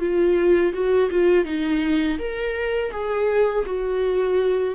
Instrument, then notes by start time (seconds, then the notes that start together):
viola
0.00 F4
0.74 F#4
1.11 F4
1.45 D#4
2.19 A#4
2.92 G#4
3.66 F#4